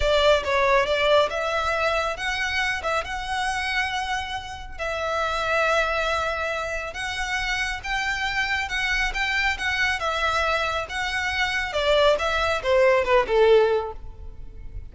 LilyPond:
\new Staff \with { instrumentName = "violin" } { \time 4/4 \tempo 4 = 138 d''4 cis''4 d''4 e''4~ | e''4 fis''4. e''8 fis''4~ | fis''2. e''4~ | e''1 |
fis''2 g''2 | fis''4 g''4 fis''4 e''4~ | e''4 fis''2 d''4 | e''4 c''4 b'8 a'4. | }